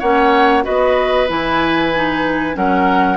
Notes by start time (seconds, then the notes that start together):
0.00 A#3 C#4 C#5 F#5
0.63 B3 F#4 B4 D#5
1.28 E3 E4 G#5
1.96 D#4
2.54 F#3 C#4 A#4 F#5